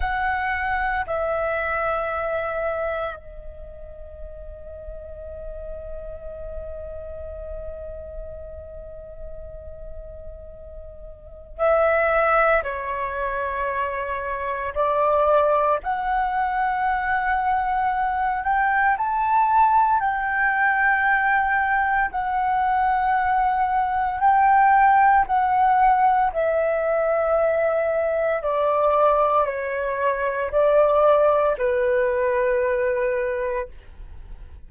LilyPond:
\new Staff \with { instrumentName = "flute" } { \time 4/4 \tempo 4 = 57 fis''4 e''2 dis''4~ | dis''1~ | dis''2. e''4 | cis''2 d''4 fis''4~ |
fis''4. g''8 a''4 g''4~ | g''4 fis''2 g''4 | fis''4 e''2 d''4 | cis''4 d''4 b'2 | }